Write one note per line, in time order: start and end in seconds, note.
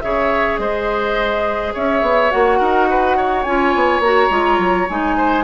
0.00 0.58 C#3
0.00 2.30 G#4
0.00 0.60 C#5
0.00 0.57 E5
0.58 1.72 G#3
0.58 1.74 C5
0.58 1.73 D#5
1.74 2.02 C#4
1.74 2.59 C#5
1.74 2.30 E5
2.02 2.30 B3
2.30 2.59 A#3
2.30 3.45 F#4
2.30 3.43 F#5
2.59 3.45 D#4
2.59 2.87 A#4
2.89 3.17 B4
3.17 5.17 C#5
3.43 3.74 C#4
3.43 4.03 F4
3.43 4.00 G#5
3.74 3.99 B3
3.99 4.27 A#3
3.99 4.30 F#4
3.99 4.88 A#5
4.30 4.58 G#3
4.30 4.87 F4
4.58 4.87 F#3
4.89 5.44 G#3
4.89 5.44 D#4
4.89 5.44 G#5
5.17 5.44 C5